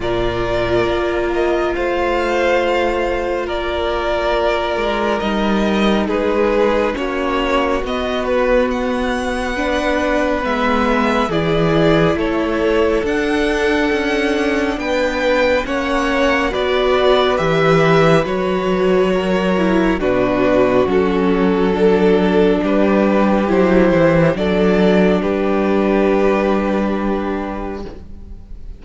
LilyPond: <<
  \new Staff \with { instrumentName = "violin" } { \time 4/4 \tempo 4 = 69 d''4. dis''8 f''2 | d''2 dis''4 b'4 | cis''4 dis''8 b'8 fis''2 | e''4 d''4 cis''4 fis''4~ |
fis''4 g''4 fis''4 d''4 | e''4 cis''2 b'4 | a'2 b'4 c''4 | d''4 b'2. | }
  \new Staff \with { instrumentName = "violin" } { \time 4/4 ais'2 c''2 | ais'2. gis'4 | fis'2. b'4~ | b'4 gis'4 a'2~ |
a'4 b'4 cis''4 b'4~ | b'2 ais'4 fis'4~ | fis'4 a'4 g'2 | a'4 g'2. | }
  \new Staff \with { instrumentName = "viola" } { \time 4/4 f'1~ | f'2 dis'2 | cis'4 b2 d'4 | b4 e'2 d'4~ |
d'2 cis'4 fis'4 | g'4 fis'4. e'8 d'4 | cis'4 d'2 e'4 | d'1 | }
  \new Staff \with { instrumentName = "cello" } { \time 4/4 ais,4 ais4 a2 | ais4. gis8 g4 gis4 | ais4 b2. | gis4 e4 a4 d'4 |
cis'4 b4 ais4 b4 | e4 fis2 b,4 | fis2 g4 fis8 e8 | fis4 g2. | }
>>